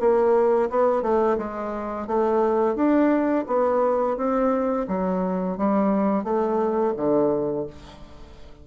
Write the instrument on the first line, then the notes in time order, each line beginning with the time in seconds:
bassoon
0.00 A#3
0.70 B3
1.02 A3
1.38 G#3
2.07 A3
2.76 D4
3.47 B3
4.17 C4
4.88 F#3
5.58 G3
6.24 A3
6.97 D3